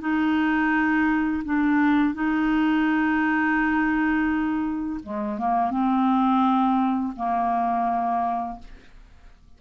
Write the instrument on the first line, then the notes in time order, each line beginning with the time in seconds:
clarinet
0.00 D#4
1.45 D4
2.14 D#4
5.03 G#3
5.38 A#3
5.71 C4
7.16 A#3